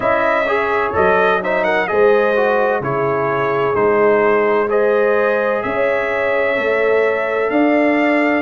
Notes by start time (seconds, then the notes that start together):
0.00 C#4 E4 D#5 E5
0.46 G#4 C#5
0.93 F#3 A4 D#5
1.41 D#4 C5 E5
1.64 A#4 F#5
1.87 G#3 G#4 C5 D#5
2.36 F#4
2.80 C#3 E4 G#4 C#5
3.74 G#3 D#4 C5
4.69 G#4 C5 D#5
5.62 C#4 C#5 E5
6.56 A3 A4
7.49 D4 D5 F5